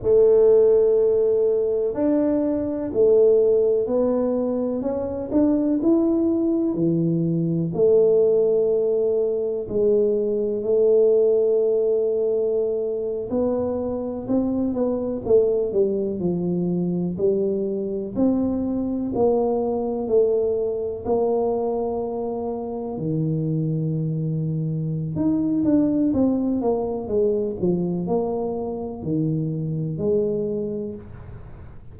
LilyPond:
\new Staff \with { instrumentName = "tuba" } { \time 4/4 \tempo 4 = 62 a2 d'4 a4 | b4 cis'8 d'8 e'4 e4 | a2 gis4 a4~ | a4.~ a16 b4 c'8 b8 a16~ |
a16 g8 f4 g4 c'4 ais16~ | ais8. a4 ais2 dis16~ | dis2 dis'8 d'8 c'8 ais8 | gis8 f8 ais4 dis4 gis4 | }